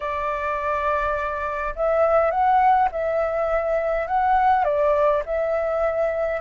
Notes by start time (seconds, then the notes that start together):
0.00 D5
1.75 E5
2.30 F#5
2.91 E5
4.07 F#5
4.64 D5
5.25 E5